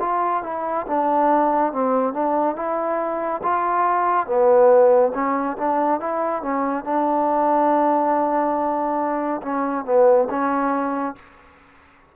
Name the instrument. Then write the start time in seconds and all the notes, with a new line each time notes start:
trombone
0.00 F4
0.43 E4
0.87 D4
1.73 C4
2.14 D4
2.56 E4
3.43 F4
4.27 B3
5.14 C#4
5.58 D4
6.00 E4
6.42 C#4
6.84 D4
9.42 C#4
9.85 B3
10.30 C#4